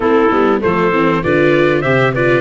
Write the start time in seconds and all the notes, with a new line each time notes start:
0.00 A3 C4 E4 A4
0.30 G3 B3
0.60 F3 A3 A4 C5
0.91 E3 C4
1.22 D3 F4 B4 D5
1.81 C3 G4 C5 E5
2.13 F4 B4 D5